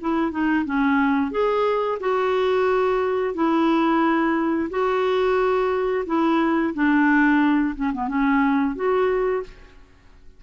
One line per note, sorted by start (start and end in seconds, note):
0.00 0.31 E4
0.31 0.64 D#4
0.65 1.31 C#4
1.31 1.98 G#4
2.00 3.34 F#4
3.34 4.69 E4
4.69 6.04 F#4
6.06 6.73 E4
6.74 7.75 D4
7.75 7.92 C#4
7.93 8.08 B3
8.08 8.75 C#4
8.75 9.43 F#4